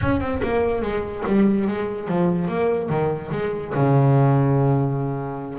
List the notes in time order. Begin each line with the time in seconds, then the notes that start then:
0.01 C#4
0.20 C4
0.43 A#3
0.82 G#3
1.26 G3
1.67 G#3
2.07 F3
2.48 A#3
2.89 D#3
3.31 G#3
3.74 C#3